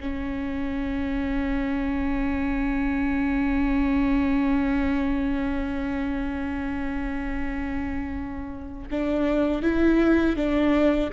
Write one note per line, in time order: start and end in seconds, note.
0.00 8.89 C#4
8.91 9.62 D4
9.62 10.36 E4
10.36 11.10 D4